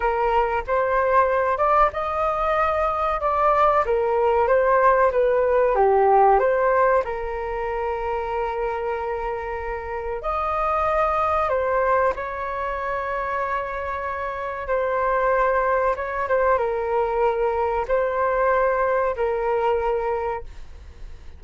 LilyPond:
\new Staff \with { instrumentName = "flute" } { \time 4/4 \tempo 4 = 94 ais'4 c''4. d''8 dis''4~ | dis''4 d''4 ais'4 c''4 | b'4 g'4 c''4 ais'4~ | ais'1 |
dis''2 c''4 cis''4~ | cis''2. c''4~ | c''4 cis''8 c''8 ais'2 | c''2 ais'2 | }